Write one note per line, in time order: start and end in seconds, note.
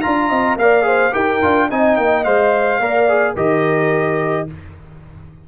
0.00 0.58 F4
0.00 0.28 F5
0.00 0.56 A#5
0.06 0.30 D4
0.29 0.56 C4
0.29 0.57 D#5
0.56 1.12 A#3
0.56 0.82 A#4
0.56 0.87 D5
0.56 1.14 F5
0.82 1.10 G#4
0.82 1.13 C5
1.11 1.43 D#4
1.11 1.39 G4
1.11 1.69 A#4
1.11 1.69 G5
1.42 1.70 D4
1.42 1.70 F4
1.70 1.98 C4
1.70 2.25 D#4
1.70 2.81 D#5
1.70 1.96 G#5
1.96 2.25 A#3
1.96 2.24 G5
2.24 2.80 G#3
2.24 2.81 C5
2.24 3.35 F5
2.80 3.35 A#3
2.80 3.09 A#4
2.80 3.34 D5
3.09 3.36 G#4
3.34 4.47 D#3
3.34 4.47 G4
3.34 4.45 A#4
3.34 4.48 D#5